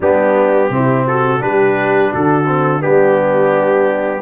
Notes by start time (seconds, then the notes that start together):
0.00 G3 B3 D4 G4
0.69 C3 C4 E4
1.06 F#4 A4
1.39 G3 D4 G4 B4
2.11 D3 F#4 A4
2.46 C4
2.80 G3 B3 D4 G4